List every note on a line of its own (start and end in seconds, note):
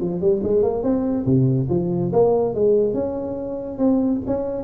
0.00 0.21 F3
0.21 0.42 G3
0.43 0.62 G#3
0.62 0.83 A#3
0.83 1.25 C4
1.25 1.68 C3
1.69 2.12 F3
2.13 2.54 A#3
2.54 2.94 G#3
2.94 3.78 C#4
3.78 4.20 C4
4.27 4.63 C#4